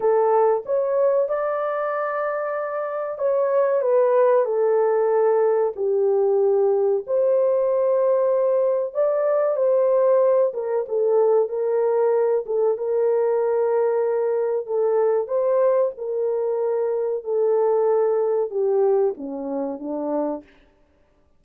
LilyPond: \new Staff \with { instrumentName = "horn" } { \time 4/4 \tempo 4 = 94 a'4 cis''4 d''2~ | d''4 cis''4 b'4 a'4~ | a'4 g'2 c''4~ | c''2 d''4 c''4~ |
c''8 ais'8 a'4 ais'4. a'8 | ais'2. a'4 | c''4 ais'2 a'4~ | a'4 g'4 cis'4 d'4 | }